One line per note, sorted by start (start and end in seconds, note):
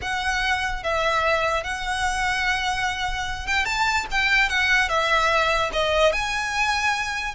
0.01 0.83 F#5
0.83 1.63 E5
1.63 3.46 F#5
3.46 3.65 G5
3.65 4.06 A5
4.11 4.49 G5
4.49 4.88 F#5
4.88 5.70 E5
5.73 6.12 D#5
6.12 7.35 G#5